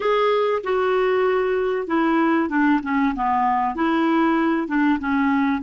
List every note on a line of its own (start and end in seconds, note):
0.00 0.62 G#4
0.63 1.87 F#4
1.87 2.49 E4
2.49 2.80 D4
2.83 3.14 C#4
3.15 3.75 B3
3.75 4.67 E4
4.67 4.98 D4
4.99 5.62 C#4